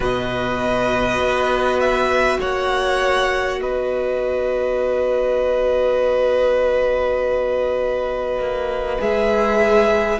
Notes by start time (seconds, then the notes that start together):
0.00 B2 F#4 B4 D#5
1.18 B3
1.80 E5
2.39 A#3 C#5 F#5
3.60 B3 B4 D#5
8.38 A#3
8.99 G#3 G#4 E5